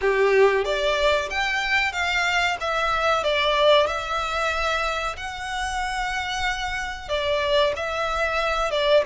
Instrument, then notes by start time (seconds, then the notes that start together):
violin
0.01 G4
0.64 D5
1.30 G5
1.92 F5
2.60 E5
3.23 D5
3.87 E5
5.16 F#5
7.09 D5
7.75 E5
8.71 D5